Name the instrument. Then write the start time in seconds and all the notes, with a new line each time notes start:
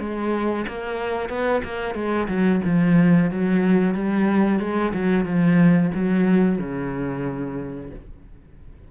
cello
0.00 G#3
0.68 A#3
1.29 B3
1.65 A#3
1.95 G#3
2.28 F#3
2.65 F3
3.31 F#3
3.95 G3
4.60 G#3
4.94 F#3
5.25 F3
5.95 F#3
6.59 C#3